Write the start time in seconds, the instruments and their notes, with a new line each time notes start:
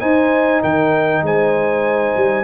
0.00 trombone D#4, tuba D#4, horn C5, trumpet G#5
0.61 tuba D#3, horn A#4, trumpet G5
1.22 tuba G#3, horn C5, trumpet G#5
2.16 tuba G3